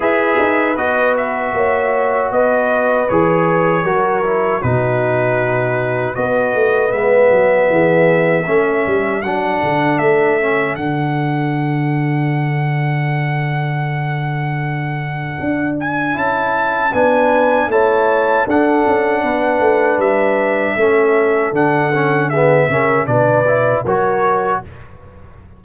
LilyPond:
<<
  \new Staff \with { instrumentName = "trumpet" } { \time 4/4 \tempo 4 = 78 e''4 dis''8 e''4. dis''4 | cis''2 b'2 | dis''4 e''2. | fis''4 e''4 fis''2~ |
fis''1~ | fis''8 gis''8 a''4 gis''4 a''4 | fis''2 e''2 | fis''4 e''4 d''4 cis''4 | }
  \new Staff \with { instrumentName = "horn" } { \time 4/4 b'2 cis''4 b'4~ | b'4 ais'4 fis'2 | b'2 gis'4 a'4~ | a'1~ |
a'1~ | a'2 b'4 cis''4 | a'4 b'2 a'4~ | a'4 gis'8 ais'8 b'4 ais'4 | }
  \new Staff \with { instrumentName = "trombone" } { \time 4/4 gis'4 fis'2. | gis'4 fis'8 e'8 dis'2 | fis'4 b2 cis'4 | d'4. cis'8 d'2~ |
d'1~ | d'4 e'4 d'4 e'4 | d'2. cis'4 | d'8 cis'8 b8 cis'8 d'8 e'8 fis'4 | }
  \new Staff \with { instrumentName = "tuba" } { \time 4/4 e'8 dis'8 b4 ais4 b4 | e4 fis4 b,2 | b8 a8 gis8 fis8 e4 a8 g8 | fis8 d8 a4 d2~ |
d1 | d'4 cis'4 b4 a4 | d'8 cis'8 b8 a8 g4 a4 | d4. cis8 b,4 fis4 | }
>>